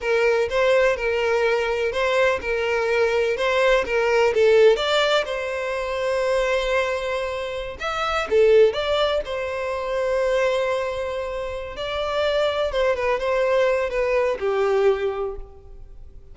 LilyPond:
\new Staff \with { instrumentName = "violin" } { \time 4/4 \tempo 4 = 125 ais'4 c''4 ais'2 | c''4 ais'2 c''4 | ais'4 a'4 d''4 c''4~ | c''1~ |
c''16 e''4 a'4 d''4 c''8.~ | c''1~ | c''8 d''2 c''8 b'8 c''8~ | c''4 b'4 g'2 | }